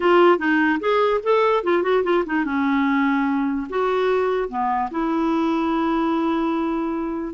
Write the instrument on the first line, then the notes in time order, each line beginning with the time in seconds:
clarinet
0.00 F4
0.38 D#4
0.79 G#4
1.23 A4
1.63 F4
1.82 F#4
2.03 F4
2.26 D#4
2.45 C#4
3.69 F#4
4.48 B3
4.90 E4